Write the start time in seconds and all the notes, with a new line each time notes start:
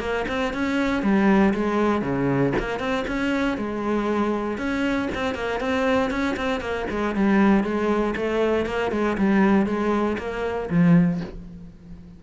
0.00 A#3
0.28 C4
0.54 C#4
1.03 G3
1.54 G#3
2.02 C#3
2.59 A#3
2.79 C4
3.07 C#4
3.58 G#3
4.58 C#4
5.15 C4
5.35 A#3
5.60 C4
6.10 C#4
6.37 C4
6.61 A#3
6.90 G#3
7.15 G3
7.64 G#3
8.16 A3
8.66 A#3
8.91 G#3
9.18 G3
9.66 G#3
10.18 A#3
10.70 F3